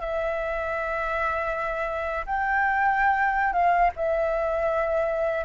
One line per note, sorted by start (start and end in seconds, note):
0.00 2.25 E5
2.26 3.53 G5
3.53 3.90 F5
3.96 5.45 E5